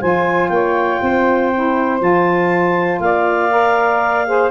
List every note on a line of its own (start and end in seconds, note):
0.00 0.50 F3
0.00 1.52 F4
0.00 0.50 C5
0.00 0.49 G#5
0.49 1.00 A#3
0.49 1.01 C#5
0.49 1.99 G5
1.01 2.01 C4
1.01 3.01 C5
1.54 1.99 E4
1.99 3.00 F3
1.99 3.49 F4
1.99 3.01 A5
3.00 4.50 A#3
3.00 4.28 D5
3.00 4.51 F5
3.51 4.26 A#4
4.26 4.51 G#4
4.26 4.51 C5